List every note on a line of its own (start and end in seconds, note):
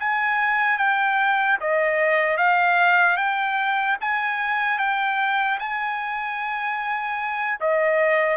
0.00 0.78 G#5
0.78 1.58 G5
1.60 2.37 D#5
2.37 3.17 F5
3.17 3.97 G5
4.01 4.79 G#5
4.79 5.59 G5
5.60 7.60 G#5
7.61 8.37 D#5